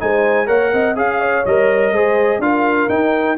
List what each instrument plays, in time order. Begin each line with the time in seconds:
0.00 tuba G#3, trombone D#4, horn C5, trumpet G#5
0.46 tuba A#3, trombone A#4, horn C#5, trumpet F#5
0.73 tuba C4, horn D#5
0.96 tuba C#4, trombone G#4, horn F5, trumpet F5
1.21 horn C#5
1.46 tuba G3, trombone A#4, trumpet D#5
1.92 tuba G#3, trombone G#4, horn C5
2.39 tuba D4, trombone F4, horn A#4, trumpet F5
2.90 tuba D#4, trombone D#4, trumpet G5